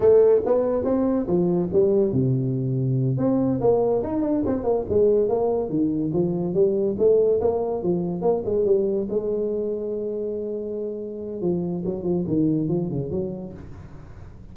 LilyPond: \new Staff \with { instrumentName = "tuba" } { \time 4/4 \tempo 4 = 142 a4 b4 c'4 f4 | g4 c2~ c8 c'8~ | c'8 ais4 dis'8 d'8 c'8 ais8 gis8~ | gis8 ais4 dis4 f4 g8~ |
g8 a4 ais4 f4 ais8 | gis8 g4 gis2~ gis8~ | gis2. f4 | fis8 f8 dis4 f8 cis8 fis4 | }